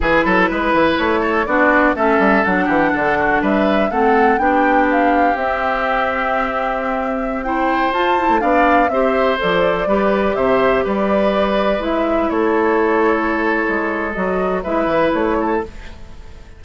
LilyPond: <<
  \new Staff \with { instrumentName = "flute" } { \time 4/4 \tempo 4 = 123 b'2 cis''4 d''4 | e''4 fis''2 e''4 | fis''4 g''4 f''4 e''4~ | e''2.~ e''16 g''8.~ |
g''16 a''4 f''4 e''4 d''8.~ | d''4~ d''16 e''4 d''4.~ d''16~ | d''16 e''4 cis''2~ cis''8.~ | cis''4 dis''4 e''4 cis''4 | }
  \new Staff \with { instrumentName = "oboe" } { \time 4/4 gis'8 a'8 b'4. a'8 fis'4 | a'4. g'8 a'8 fis'8 b'4 | a'4 g'2.~ | g'2.~ g'16 c''8.~ |
c''4~ c''16 d''4 c''4.~ c''16~ | c''16 b'4 c''4 b'4.~ b'16~ | b'4~ b'16 a'2~ a'8.~ | a'2 b'4. a'8 | }
  \new Staff \with { instrumentName = "clarinet" } { \time 4/4 e'2. d'4 | cis'4 d'2. | c'4 d'2 c'4~ | c'2.~ c'16 e'8.~ |
e'16 f'8 e'8 d'4 g'4 a'8.~ | a'16 g'2.~ g'8.~ | g'16 e'2.~ e'8.~ | e'4 fis'4 e'2 | }
  \new Staff \with { instrumentName = "bassoon" } { \time 4/4 e8 fis8 gis8 e8 a4 b4 | a8 g8 fis8 e8 d4 g4 | a4 b2 c'4~ | c'1~ |
c'16 f'8. a16 b4 c'4 f8.~ | f16 g4 c4 g4.~ g16~ | g16 gis4 a2~ a8. | gis4 fis4 gis8 e8 a4 | }
>>